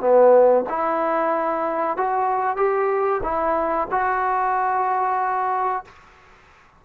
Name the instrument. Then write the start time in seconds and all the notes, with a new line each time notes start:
trombone
0.00 B3
0.69 E4
1.97 F#4
2.57 G4
3.23 E4
3.91 F#4